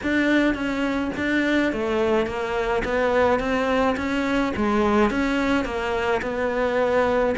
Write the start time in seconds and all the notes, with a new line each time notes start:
0.02 D4
0.54 C#4
1.16 D4
1.72 A3
2.26 A#3
2.84 B3
3.39 C4
3.96 C#4
4.56 G#3
5.10 C#4
5.64 A#3
6.21 B3